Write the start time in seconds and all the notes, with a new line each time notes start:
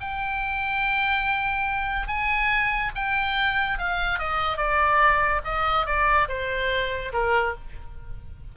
0.00 G5
2.07 G#5
2.95 G5
3.78 F5
4.18 D#5
4.57 D5
5.44 D#5
5.86 D5
6.28 C5
7.12 A#4